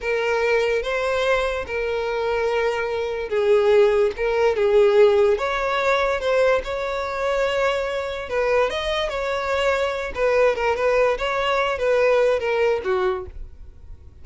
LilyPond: \new Staff \with { instrumentName = "violin" } { \time 4/4 \tempo 4 = 145 ais'2 c''2 | ais'1 | gis'2 ais'4 gis'4~ | gis'4 cis''2 c''4 |
cis''1 | b'4 dis''4 cis''2~ | cis''8 b'4 ais'8 b'4 cis''4~ | cis''8 b'4. ais'4 fis'4 | }